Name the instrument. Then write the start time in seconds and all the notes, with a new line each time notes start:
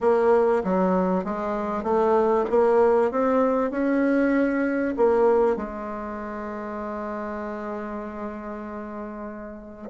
bassoon
0.00 A#3
0.64 F#3
1.24 G#3
1.82 A3
2.50 A#3
3.11 C4
3.71 C#4
4.96 A#3
5.56 G#3